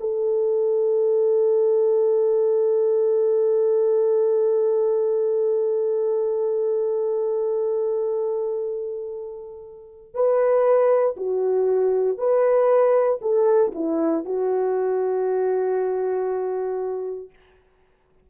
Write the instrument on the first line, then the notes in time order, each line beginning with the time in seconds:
horn
0.00 A4
10.14 B4
11.16 F#4
12.18 B4
13.21 A4
13.74 E4
14.25 F#4